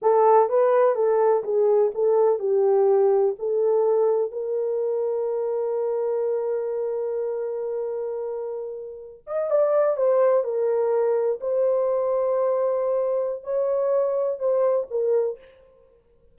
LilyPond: \new Staff \with { instrumentName = "horn" } { \time 4/4 \tempo 4 = 125 a'4 b'4 a'4 gis'4 | a'4 g'2 a'4~ | a'4 ais'2.~ | ais'1~ |
ais'2.~ ais'16 dis''8 d''16~ | d''8. c''4 ais'2 c''16~ | c''1 | cis''2 c''4 ais'4 | }